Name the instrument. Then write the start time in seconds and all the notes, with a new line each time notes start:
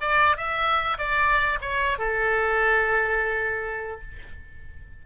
oboe
0.00 D5
0.36 E5
0.98 D5
1.61 C#5
1.98 A4